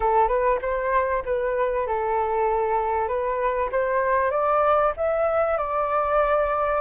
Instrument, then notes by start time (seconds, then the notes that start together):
flute
0.00 A4
0.28 B4
0.61 C5
1.25 B4
1.86 A4
3.08 B4
3.71 C5
4.30 D5
4.96 E5
5.57 D5